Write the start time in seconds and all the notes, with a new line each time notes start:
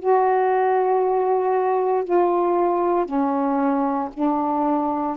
0.00 F#4
2.05 F4
3.06 C#4
4.14 D4